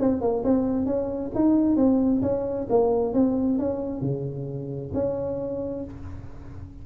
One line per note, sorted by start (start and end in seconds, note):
0.00 0.22 C4
0.22 0.44 A#3
0.44 0.87 C4
0.87 1.32 C#4
1.35 1.77 D#4
1.77 2.22 C4
2.22 2.68 C#4
2.70 3.14 A#3
3.14 3.59 C4
3.59 4.02 C#4
4.02 4.92 C#3
4.94 5.85 C#4